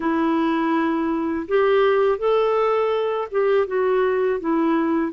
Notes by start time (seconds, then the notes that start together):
0.00 E4
1.47 G4
2.18 A4
3.31 G4
3.67 F#4
4.40 E4